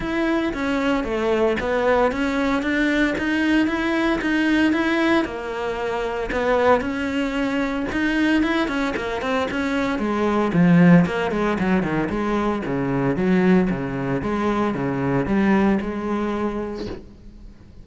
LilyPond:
\new Staff \with { instrumentName = "cello" } { \time 4/4 \tempo 4 = 114 e'4 cis'4 a4 b4 | cis'4 d'4 dis'4 e'4 | dis'4 e'4 ais2 | b4 cis'2 dis'4 |
e'8 cis'8 ais8 c'8 cis'4 gis4 | f4 ais8 gis8 fis8 dis8 gis4 | cis4 fis4 cis4 gis4 | cis4 g4 gis2 | }